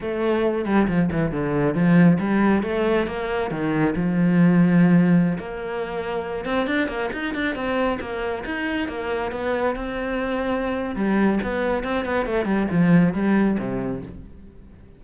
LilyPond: \new Staff \with { instrumentName = "cello" } { \time 4/4 \tempo 4 = 137 a4. g8 f8 e8 d4 | f4 g4 a4 ais4 | dis4 f2.~ | f16 ais2~ ais8 c'8 d'8 ais16~ |
ais16 dis'8 d'8 c'4 ais4 dis'8.~ | dis'16 ais4 b4 c'4.~ c'16~ | c'4 g4 b4 c'8 b8 | a8 g8 f4 g4 c4 | }